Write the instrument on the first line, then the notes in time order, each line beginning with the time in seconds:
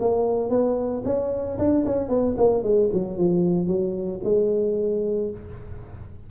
tuba
0.00 A#3
0.49 B3
1.05 C#4
1.58 D4
1.85 C#4
2.09 B3
2.37 A#3
2.63 G#3
2.93 F#3
3.17 F3
3.67 F#3
4.24 G#3